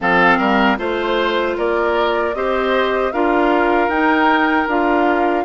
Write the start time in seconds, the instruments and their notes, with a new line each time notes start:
0.00 bassoon F3, clarinet C4, oboe A4, flute F5
0.38 bassoon G3, oboe A#4
0.77 bassoon A3, clarinet F4, oboe C5, flute C5
1.57 bassoon A#3, oboe A#4, flute D5
2.34 bassoon C4, clarinet G4, oboe C5, flute D#5
3.12 bassoon D4, clarinet F4, oboe A#4, flute F5
3.88 bassoon D#4, clarinet D#4, flute G5
4.67 bassoon D4, clarinet F4, flute F5